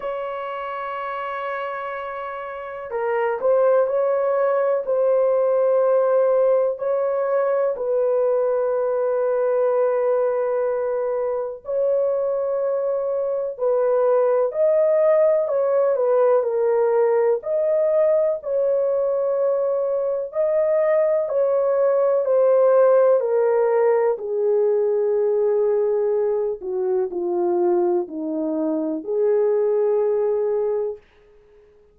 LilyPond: \new Staff \with { instrumentName = "horn" } { \time 4/4 \tempo 4 = 62 cis''2. ais'8 c''8 | cis''4 c''2 cis''4 | b'1 | cis''2 b'4 dis''4 |
cis''8 b'8 ais'4 dis''4 cis''4~ | cis''4 dis''4 cis''4 c''4 | ais'4 gis'2~ gis'8 fis'8 | f'4 dis'4 gis'2 | }